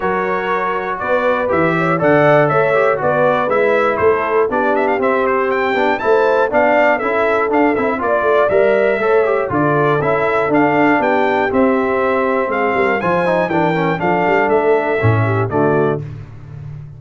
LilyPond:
<<
  \new Staff \with { instrumentName = "trumpet" } { \time 4/4 \tempo 4 = 120 cis''2 d''4 e''4 | fis''4 e''4 d''4 e''4 | c''4 d''8 e''16 f''16 e''8 c''8 g''4 | a''4 f''4 e''4 f''8 e''8 |
d''4 e''2 d''4 | e''4 f''4 g''4 e''4~ | e''4 f''4 gis''4 g''4 | f''4 e''2 d''4 | }
  \new Staff \with { instrumentName = "horn" } { \time 4/4 ais'2 b'4. cis''8 | d''4 cis''4 b'2 | a'4 g'2. | c''4 d''4 a'2 |
d''2 cis''4 a'4~ | a'2 g'2~ | g'4 gis'8 ais'8 c''4 ais'4 | a'2~ a'8 g'8 fis'4 | }
  \new Staff \with { instrumentName = "trombone" } { \time 4/4 fis'2. g'4 | a'4. g'8 fis'4 e'4~ | e'4 d'4 c'4. d'8 | e'4 d'4 e'4 d'8 e'8 |
f'4 ais'4 a'8 g'8 f'4 | e'4 d'2 c'4~ | c'2 f'8 dis'8 d'8 cis'8 | d'2 cis'4 a4 | }
  \new Staff \with { instrumentName = "tuba" } { \time 4/4 fis2 b4 e4 | d4 a4 b4 gis4 | a4 b4 c'4. b8 | a4 b4 cis'4 d'8 c'8 |
ais8 a8 g4 a4 d4 | cis'4 d'4 b4 c'4~ | c'4 gis8 g8 f4 e4 | f8 g8 a4 a,4 d4 | }
>>